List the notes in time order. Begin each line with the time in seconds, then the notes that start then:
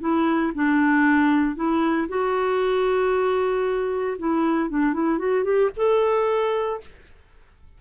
0.00 E4
0.55 D4
1.56 E4
2.08 F#4
4.19 E4
4.70 D4
4.93 E4
5.18 F#4
5.44 G4
5.76 A4